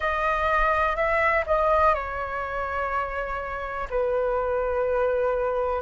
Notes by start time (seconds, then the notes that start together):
0.00 D#5
0.96 E5
1.46 D#5
1.94 C#5
3.89 B4